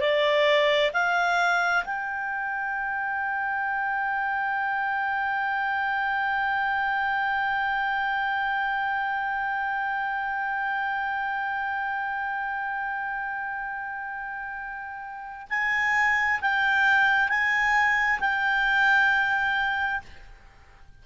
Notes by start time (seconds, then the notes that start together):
0.00 D5
0.93 F5
1.84 G5
15.49 G#5
16.41 G5
17.29 G#5
18.20 G5